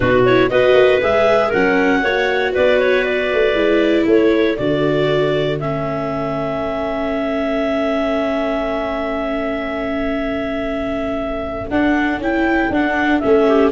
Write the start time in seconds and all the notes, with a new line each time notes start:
0.00 B2 D#4 F#4 B4
0.25 E4 C#5
0.49 B3 F#4 B4 D#5
0.74 A#3
1.02 G#3 G#4 E5
1.48 F#3 C#4 A#4 F#5
2.03 A#3 F#4 C#5
2.53 B3 B4 D5
2.79 C#5
3.04 D5
3.33 A3
3.53 G#3 E4
4.05 A3 A4 C#5
4.56 D3 F#4 D5
5.59 A3 C#4 E5
11.69 D4 F#5
12.17 C#4 E4 G5
12.70 D4 F#5
13.19 A3 C#4 E5
13.47 G4